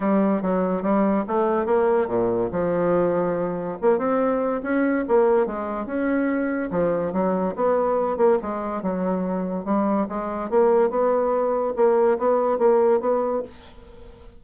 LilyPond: \new Staff \with { instrumentName = "bassoon" } { \time 4/4 \tempo 4 = 143 g4 fis4 g4 a4 | ais4 ais,4 f2~ | f4 ais8 c'4. cis'4 | ais4 gis4 cis'2 |
f4 fis4 b4. ais8 | gis4 fis2 g4 | gis4 ais4 b2 | ais4 b4 ais4 b4 | }